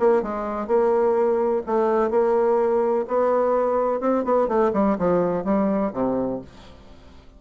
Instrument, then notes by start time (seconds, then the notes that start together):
bassoon
0.00 A#3
0.23 G#3
0.67 A#3
1.67 A3
2.11 A#3
3.08 B3
4.01 C4
4.24 B3
4.48 A3
4.74 G3
4.99 F3
5.45 G3
5.94 C3